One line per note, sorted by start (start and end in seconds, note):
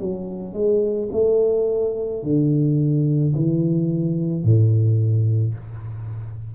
0.00 0.54 F#3
0.54 1.09 G#3
1.12 2.23 A3
2.23 3.34 D3
3.35 4.44 E3
4.44 5.55 A2